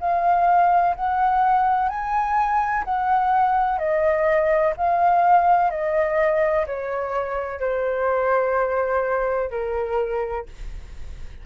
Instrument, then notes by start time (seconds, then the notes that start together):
flute
0.00 F5
0.96 F#5
1.89 G#5
2.84 F#5
3.78 D#5
4.77 F5
5.70 D#5
6.66 C#5
7.60 C5
9.51 A#4